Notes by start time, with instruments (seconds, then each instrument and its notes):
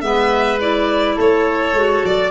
0.00 tuba G#3, clarinet B3, oboe B4, violin E5
0.60 clarinet E4, violin D5
1.16 tuba A3, oboe A4, violin C#5
1.73 tuba G#3, clarinet F#4
2.04 tuba F#3, violin D5